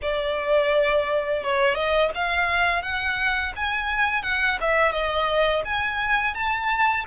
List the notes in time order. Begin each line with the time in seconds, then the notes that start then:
0.02 D5
1.43 C#5
1.74 D#5
2.14 F5
2.82 F#5
3.56 G#5
4.23 F#5
4.60 E5
4.92 D#5
5.65 G#5
6.34 A5